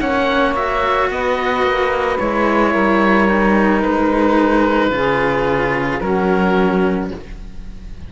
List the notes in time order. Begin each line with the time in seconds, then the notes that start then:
0.00 A#3 C#4 C#5 F#5
0.55 F#4 E5
1.10 B3 B4 D#5
1.63 A#3
2.18 G#3 E4 C#5
2.72 G3 A#4
3.28 D#4
3.82 G#3 B4
4.90 C#3 F4 G#4
6.00 F#3 C#4 F#4 A#4